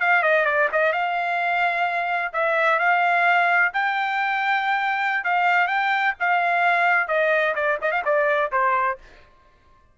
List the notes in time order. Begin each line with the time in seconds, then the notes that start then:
0.00 F5
0.23 D#5
0.45 D5
0.72 D#5
0.93 F5
2.33 E5
2.79 F5
3.73 G5
5.24 F5
5.68 G5
6.20 F5
7.08 D#5
7.55 D5
7.81 D#5
7.91 F5
8.05 D5
8.52 C5